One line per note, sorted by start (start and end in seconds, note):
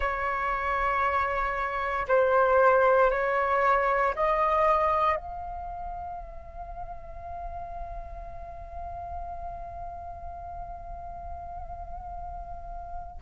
0.00 2.06 C#5
2.08 3.10 C5
3.10 4.14 C#5
4.15 5.15 D#5
5.15 13.17 F5